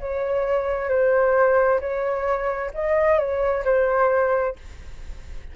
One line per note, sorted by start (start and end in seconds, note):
0.00 0.89 C#5
0.89 1.80 C5
1.80 2.71 C#5
2.74 3.19 D#5
3.19 3.64 C#5
3.65 4.56 C5